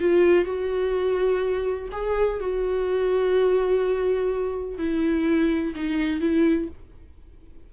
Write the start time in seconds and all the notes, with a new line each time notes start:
0.00 F4
0.45 F#4
1.92 G#4
2.40 F#4
4.78 E4
5.75 D#4
6.21 E4